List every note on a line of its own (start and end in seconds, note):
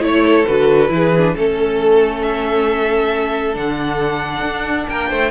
0.00 0.45 A3
0.00 0.44 E4
0.00 0.25 C#5
0.00 0.46 C#5
0.25 0.91 A4
0.46 0.90 D3
0.46 0.89 F#4
0.46 1.34 B4
0.89 1.34 E3
0.89 1.11 E4
0.89 1.35 G#4
1.17 1.36 D4
1.35 3.55 A3
1.35 3.54 C#4
1.35 4.88 A4
1.35 2.22 A4
2.22 3.54 E5
3.54 4.42 D3
3.54 5.30 D4
3.54 4.89 F#5
4.42 4.86 D4
4.89 5.11 A#3
4.89 5.09 A#4
4.89 5.31 G5
5.09 5.31 A3
5.09 5.31 C5